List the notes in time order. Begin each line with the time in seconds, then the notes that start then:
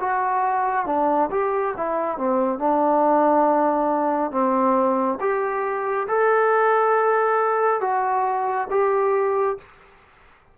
0.00 F#4
0.86 D4
1.31 G4
1.77 E4
2.17 C4
2.59 D4
4.31 C4
5.20 G4
6.08 A4
7.81 F#4
8.70 G4